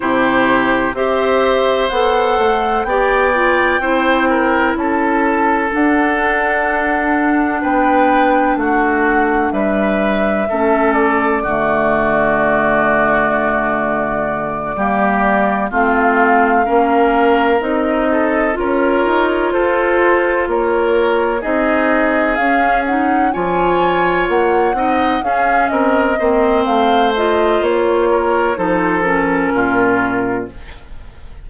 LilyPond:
<<
  \new Staff \with { instrumentName = "flute" } { \time 4/4 \tempo 4 = 63 c''4 e''4 fis''4 g''4~ | g''4 a''4 fis''2 | g''4 fis''4 e''4. d''8~ | d''1~ |
d''8 f''2 dis''4 cis''8~ | cis''8 c''4 cis''4 dis''4 f''8 | fis''8 gis''4 fis''4 f''8 dis''4 | f''8 dis''8 cis''4 c''8 ais'4. | }
  \new Staff \with { instrumentName = "oboe" } { \time 4/4 g'4 c''2 d''4 | c''8 ais'8 a'2. | b'4 fis'4 b'4 a'4 | fis'2.~ fis'8 g'8~ |
g'8 f'4 ais'4. a'8 ais'8~ | ais'8 a'4 ais'4 gis'4.~ | gis'8 cis''4. dis''8 gis'8 ais'8 c''8~ | c''4. ais'8 a'4 f'4 | }
  \new Staff \with { instrumentName = "clarinet" } { \time 4/4 e'4 g'4 a'4 g'8 f'8 | e'2 d'2~ | d'2. cis'4 | a2.~ a8 ais8~ |
ais8 c'4 cis'4 dis'4 f'8~ | f'2~ f'8 dis'4 cis'8 | dis'8 f'4. dis'8 cis'4 c'8~ | c'8 f'4. dis'8 cis'4. | }
  \new Staff \with { instrumentName = "bassoon" } { \time 4/4 c4 c'4 b8 a8 b4 | c'4 cis'4 d'2 | b4 a4 g4 a4 | d2.~ d8 g8~ |
g8 a4 ais4 c'4 cis'8 | dis'8 f'4 ais4 c'4 cis'8~ | cis'8 f4 ais8 c'8 cis'8 c'8 ais8 | a4 ais4 f4 ais,4 | }
>>